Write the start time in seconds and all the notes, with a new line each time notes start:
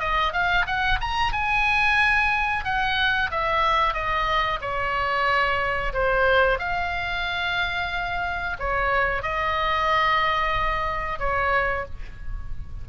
0.00 D#5
0.33 F5
0.67 F#5
1.01 A#5
1.33 G#5
2.65 F#5
3.31 E5
3.94 D#5
4.61 C#5
5.93 C5
6.59 F5
8.60 C#5
9.23 D#5
11.19 C#5